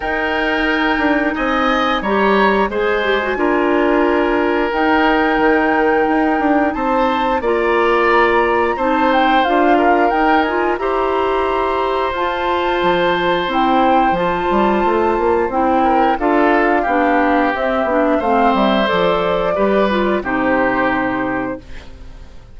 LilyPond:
<<
  \new Staff \with { instrumentName = "flute" } { \time 4/4 \tempo 4 = 89 g''2 gis''4 ais''4 | gis''2. g''4~ | g''2 a''4 ais''4~ | ais''4 a''8 g''8 f''4 g''8 gis''8 |
ais''2 a''2 | g''4 a''2 g''4 | f''2 e''4 f''8 e''8 | d''2 c''2 | }
  \new Staff \with { instrumentName = "oboe" } { \time 4/4 ais'2 dis''4 cis''4 | c''4 ais'2.~ | ais'2 c''4 d''4~ | d''4 c''4. ais'4. |
c''1~ | c''2.~ c''8 ais'8 | a'4 g'2 c''4~ | c''4 b'4 g'2 | }
  \new Staff \with { instrumentName = "clarinet" } { \time 4/4 dis'2. g'4 | gis'8 g'16 fis'16 f'2 dis'4~ | dis'2. f'4~ | f'4 dis'4 f'4 dis'8 f'8 |
g'2 f'2 | e'4 f'2 e'4 | f'4 d'4 c'8 d'8 c'4 | a'4 g'8 f'8 dis'2 | }
  \new Staff \with { instrumentName = "bassoon" } { \time 4/4 dis'4. d'8 c'4 g4 | gis4 d'2 dis'4 | dis4 dis'8 d'8 c'4 ais4~ | ais4 c'4 d'4 dis'4 |
e'2 f'4 f4 | c'4 f8 g8 a8 ais8 c'4 | d'4 b4 c'8 b8 a8 g8 | f4 g4 c2 | }
>>